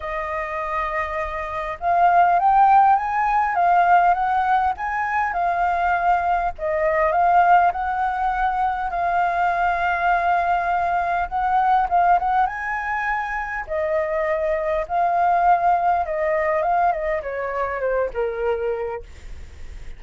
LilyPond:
\new Staff \with { instrumentName = "flute" } { \time 4/4 \tempo 4 = 101 dis''2. f''4 | g''4 gis''4 f''4 fis''4 | gis''4 f''2 dis''4 | f''4 fis''2 f''4~ |
f''2. fis''4 | f''8 fis''8 gis''2 dis''4~ | dis''4 f''2 dis''4 | f''8 dis''8 cis''4 c''8 ais'4. | }